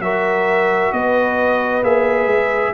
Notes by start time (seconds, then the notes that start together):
0.00 F#3 F#4 A#4 E5
0.92 B3 B4 D#5
1.83 A#3 G#4 E5
2.26 G#3